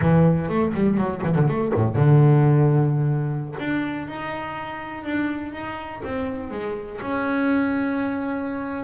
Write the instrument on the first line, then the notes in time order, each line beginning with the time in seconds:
double bass
0.01 E3
0.48 A3
0.74 G3
0.97 F#3
1.24 E3
1.35 D3
1.47 A3
1.75 A2
1.95 D3
3.59 D4
4.07 D#4
5.04 D4
5.52 D#4
6.04 C4
6.51 G#3
7.01 C#4